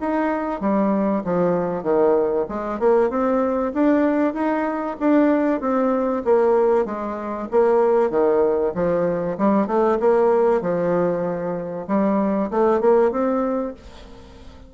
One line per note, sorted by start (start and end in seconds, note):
0.00 0.60 D#4
0.60 1.23 G3
1.24 1.83 F3
1.83 2.45 D#3
2.48 2.79 G#3
2.79 3.10 A#3
3.10 3.72 C4
3.73 4.34 D4
4.34 4.96 D#4
5.00 5.60 D4
5.60 6.23 C4
6.24 6.85 A#3
6.85 7.48 G#3
7.51 8.10 A#3
8.10 8.72 D#3
8.74 9.37 F3
9.37 9.67 G3
9.67 9.98 A3
9.99 10.61 A#3
10.61 11.86 F3
11.87 12.50 G3
12.50 12.80 A3
12.80 13.11 A#3
13.11 13.73 C4